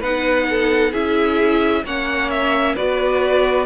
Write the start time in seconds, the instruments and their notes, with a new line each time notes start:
0.00 cello B3, viola D#4, violin B4 F#5
0.50 violin A4
0.91 cello C#4, viola E4, violin G#4 E5
1.84 cello A#3, viola C#4, violin C#5 F#5
2.30 violin E5
2.75 cello B3, viola F#4, violin B4 D5